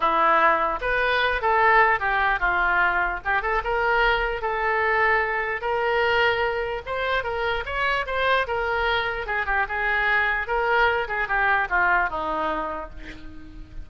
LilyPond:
\new Staff \with { instrumentName = "oboe" } { \time 4/4 \tempo 4 = 149 e'2 b'4. a'8~ | a'4 g'4 f'2 | g'8 a'8 ais'2 a'4~ | a'2 ais'2~ |
ais'4 c''4 ais'4 cis''4 | c''4 ais'2 gis'8 g'8 | gis'2 ais'4. gis'8 | g'4 f'4 dis'2 | }